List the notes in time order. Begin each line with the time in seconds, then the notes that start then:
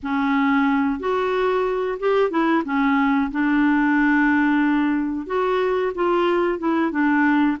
0.02 C#4
0.99 F#4
1.99 G4
2.30 E4
2.65 C#4
3.31 D4
5.26 F#4
5.94 F4
6.58 E4
6.91 D4